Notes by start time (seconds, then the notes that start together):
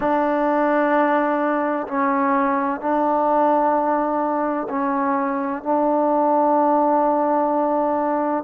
0.00 D4
1.87 C#4
2.80 D4
4.69 C#4
5.62 D4